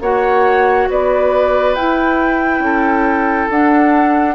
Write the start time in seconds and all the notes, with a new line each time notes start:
0.00 A#3 F#4 C#5 F#5
0.89 B3 B4 D5
1.74 E4 G5
2.59 C#4 A4
3.50 D4 F#5